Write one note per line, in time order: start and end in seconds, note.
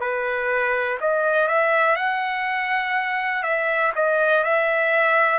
0.00 0.98 B4
1.01 1.48 D#5
1.48 1.96 E5
1.96 3.43 F#5
3.43 3.93 E5
3.95 4.44 D#5
4.44 5.39 E5